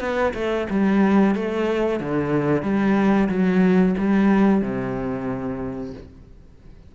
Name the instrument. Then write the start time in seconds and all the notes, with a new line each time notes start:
cello
0.00 B3
0.34 A3
0.70 G3
1.35 A3
2.00 D3
2.62 G3
3.28 F#3
3.98 G3
4.61 C3